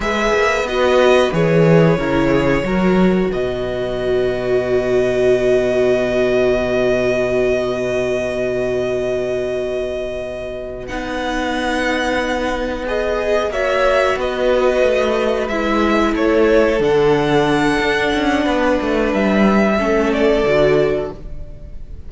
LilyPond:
<<
  \new Staff \with { instrumentName = "violin" } { \time 4/4 \tempo 4 = 91 e''4 dis''4 cis''2~ | cis''4 dis''2.~ | dis''1~ | dis''1~ |
dis''8 fis''2. dis''8~ | dis''8 e''4 dis''2 e''8~ | e''8 cis''4 fis''2~ fis''8~ | fis''4 e''4. d''4. | }
  \new Staff \with { instrumentName = "violin" } { \time 4/4 b'2. ais'8 gis'8 | ais'4 b'2.~ | b'1~ | b'1~ |
b'1~ | b'8 cis''4 b'2~ b'8~ | b'8 a'2.~ a'8 | b'2 a'2 | }
  \new Staff \with { instrumentName = "viola" } { \time 4/4 gis'4 fis'4 gis'4 e'4 | fis'1~ | fis'1~ | fis'1~ |
fis'8 dis'2. gis'8~ | gis'8 fis'2. e'8~ | e'4. d'2~ d'8~ | d'2 cis'4 fis'4 | }
  \new Staff \with { instrumentName = "cello" } { \time 4/4 gis8 ais8 b4 e4 cis4 | fis4 b,2.~ | b,1~ | b,1~ |
b,8 b2.~ b8~ | b8 ais4 b4 a4 gis8~ | gis8 a4 d4. d'8 cis'8 | b8 a8 g4 a4 d4 | }
>>